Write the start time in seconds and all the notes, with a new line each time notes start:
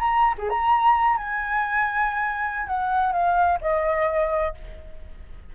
0.00 A#5
0.38 G#4
0.50 A#5
1.18 G#5
2.67 F#5
3.13 F5
3.62 D#5